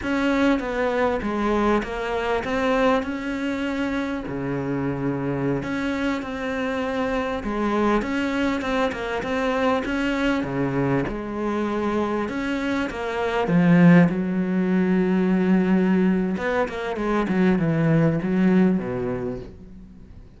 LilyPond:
\new Staff \with { instrumentName = "cello" } { \time 4/4 \tempo 4 = 99 cis'4 b4 gis4 ais4 | c'4 cis'2 cis4~ | cis4~ cis16 cis'4 c'4.~ c'16~ | c'16 gis4 cis'4 c'8 ais8 c'8.~ |
c'16 cis'4 cis4 gis4.~ gis16~ | gis16 cis'4 ais4 f4 fis8.~ | fis2. b8 ais8 | gis8 fis8 e4 fis4 b,4 | }